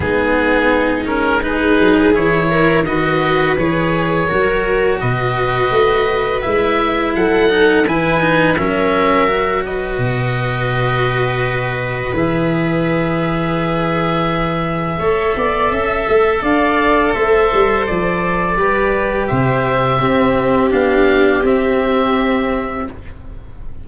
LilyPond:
<<
  \new Staff \with { instrumentName = "oboe" } { \time 4/4 \tempo 4 = 84 gis'4. ais'8 b'4 cis''4 | dis''4 cis''2 dis''4~ | dis''4 e''4 fis''4 gis''4 | e''4. dis''2~ dis''8~ |
dis''4 e''2.~ | e''2. f''4 | e''4 d''2 e''4~ | e''4 f''4 e''2 | }
  \new Staff \with { instrumentName = "viola" } { \time 4/4 dis'2 gis'4. ais'8 | b'2 ais'4 b'4~ | b'2 a'4 b'4 | ais'4. b'2~ b'8~ |
b'1~ | b'4 cis''8 d''8 e''4 d''4 | c''2 b'4 c''4 | g'1 | }
  \new Staff \with { instrumentName = "cello" } { \time 4/4 b4. cis'8 dis'4 e'4 | fis'4 gis'4 fis'2~ | fis'4 e'4. dis'8 e'8 dis'8 | cis'4 fis'2.~ |
fis'4 gis'2.~ | gis'4 a'2.~ | a'2 g'2 | c'4 d'4 c'2 | }
  \new Staff \with { instrumentName = "tuba" } { \time 4/4 gis2~ gis8 fis8 e4 | dis4 e4 fis4 b,4 | a4 gis4 fis4 e4 | fis2 b,2~ |
b,4 e2.~ | e4 a8 b8 cis'8 a8 d'4 | a8 g8 f4 g4 c4 | c'4 b4 c'2 | }
>>